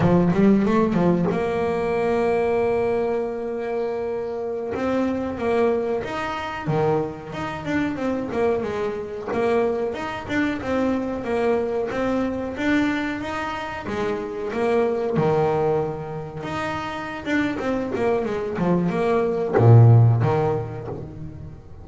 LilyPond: \new Staff \with { instrumentName = "double bass" } { \time 4/4 \tempo 4 = 92 f8 g8 a8 f8 ais2~ | ais2.~ ais16 c'8.~ | c'16 ais4 dis'4 dis4 dis'8 d'16~ | d'16 c'8 ais8 gis4 ais4 dis'8 d'16~ |
d'16 c'4 ais4 c'4 d'8.~ | d'16 dis'4 gis4 ais4 dis8.~ | dis4~ dis16 dis'4~ dis'16 d'8 c'8 ais8 | gis8 f8 ais4 ais,4 dis4 | }